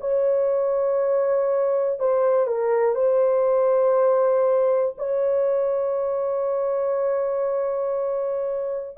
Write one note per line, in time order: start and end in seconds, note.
0.00 1.99 C#5
1.99 2.47 C5
2.47 2.95 A#4
2.95 4.95 C5
4.98 8.97 C#5